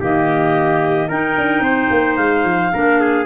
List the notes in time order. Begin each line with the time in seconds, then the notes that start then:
0.00 D#3 A#3 G4 D#5
1.08 D#4 A#4 G5
1.37 D4
1.60 C4 C5
1.90 A#3
2.16 G#3 F5
2.44 F3
2.73 A#3 D4 A#4
3.00 G#4